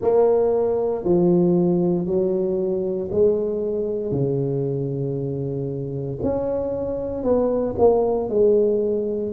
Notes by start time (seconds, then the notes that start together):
0.01 A#3
1.04 F3
2.06 F#3
3.11 G#3
4.11 C#3
6.23 C#4
7.23 B3
7.78 A#3
8.29 G#3